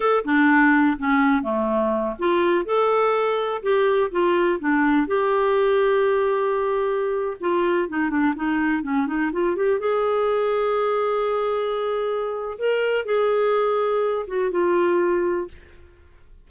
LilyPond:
\new Staff \with { instrumentName = "clarinet" } { \time 4/4 \tempo 4 = 124 a'8 d'4. cis'4 a4~ | a8 f'4 a'2 g'8~ | g'8 f'4 d'4 g'4.~ | g'2.~ g'16 f'8.~ |
f'16 dis'8 d'8 dis'4 cis'8 dis'8 f'8 g'16~ | g'16 gis'2.~ gis'8.~ | gis'2 ais'4 gis'4~ | gis'4. fis'8 f'2 | }